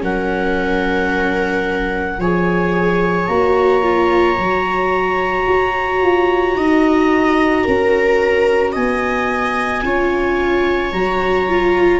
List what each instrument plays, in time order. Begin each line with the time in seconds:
0.00 tuba F#3, viola C#4 A#4, clarinet F#5
2.19 tuba F3, viola G#4 C#5, clarinet G#5
3.27 tuba A#3, viola F#4, clarinet A#5
3.83 viola F4
4.38 tuba F#3, viola F#4
5.47 tuba F#4
6.02 tuba F4
6.56 tuba D#4, viola D#5
7.64 tuba C#4, viola A#4
8.72 tuba B3, viola D#5, clarinet G#5
9.84 tuba C#4, viola F4 C#5
10.92 tuba F#3, viola F#4, clarinet A#5
11.49 viola F4